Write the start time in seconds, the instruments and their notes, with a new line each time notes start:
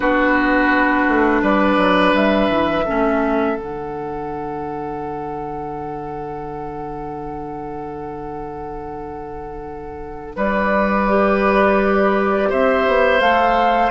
0.00 bassoon B3, clarinet D4, oboe F#4, flute B4
1.08 bassoon A3
1.41 bassoon G3, oboe B4, flute D5
1.77 bassoon F#3
2.13 bassoon G3, flute E5
2.49 bassoon E3
2.85 bassoon A3, clarinet C#4, oboe A4
3.56 bassoon D3, clarinet D4, flute F#5
10.36 bassoon G3, oboe B4, flute D5
11.08 clarinet G4
12.49 bassoon C4, oboe C5, flute E5
12.87 bassoon B3
13.20 bassoon A3, clarinet A4, flute F5